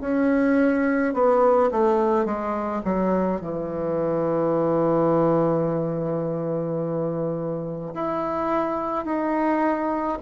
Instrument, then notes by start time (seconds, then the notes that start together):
bassoon
0.00 C#4
1.13 B3
1.71 A3
2.25 G#3
2.84 F#3
3.41 E3
7.94 E4
9.05 D#4